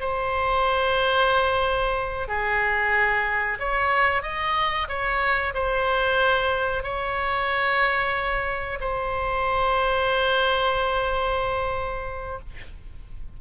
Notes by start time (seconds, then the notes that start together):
0.00 C5
2.28 G#4
3.59 C#5
4.22 D#5
4.88 C#5
5.54 C5
6.83 C#5
8.80 C5